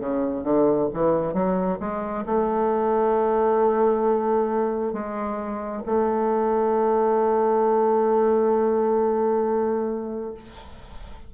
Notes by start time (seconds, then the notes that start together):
0.00 C#3
0.44 D3
0.94 E3
1.34 F#3
1.80 G#3
2.26 A3
4.93 G#3
5.86 A3